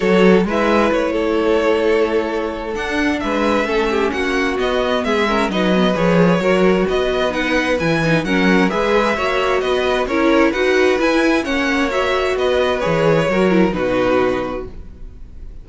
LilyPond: <<
  \new Staff \with { instrumentName = "violin" } { \time 4/4 \tempo 4 = 131 cis''4 e''4 cis''2~ | cis''2 fis''4 e''4~ | e''4 fis''4 dis''4 e''4 | dis''4 cis''2 dis''4 |
fis''4 gis''4 fis''4 e''4~ | e''4 dis''4 cis''4 fis''4 | gis''4 fis''4 e''4 dis''4 | cis''2 b'2 | }
  \new Staff \with { instrumentName = "violin" } { \time 4/4 a'4 b'4. a'4.~ | a'2. b'4 | a'8 g'8 fis'2 gis'8 ais'8 | b'2 ais'4 b'4~ |
b'2 ais'4 b'4 | cis''4 b'4 ais'4 b'4~ | b'4 cis''2 b'4~ | b'4 ais'4 fis'2 | }
  \new Staff \with { instrumentName = "viola" } { \time 4/4 fis'4 e'2.~ | e'2 d'2 | cis'2 b4. cis'8 | dis'8 b8 gis'4 fis'2 |
dis'4 e'8 dis'8 cis'4 gis'4 | fis'2 e'4 fis'4 | e'4 cis'4 fis'2 | gis'4 fis'8 e'8 dis'2 | }
  \new Staff \with { instrumentName = "cello" } { \time 4/4 fis4 gis4 a2~ | a2 d'4 gis4 | a4 ais4 b4 gis4 | fis4 f4 fis4 b4~ |
b4 e4 fis4 gis4 | ais4 b4 cis'4 dis'4 | e'4 ais2 b4 | e4 fis4 b,2 | }
>>